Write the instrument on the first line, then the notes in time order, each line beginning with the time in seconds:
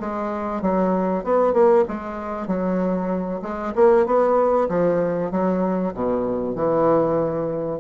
bassoon
0.00 G#3
0.61 F#3
1.24 B3
1.53 A#3
1.88 G#3
2.47 F#3
3.42 G#3
3.75 A#3
4.06 B3
4.69 F3
5.31 F#3
5.94 B2
6.55 E3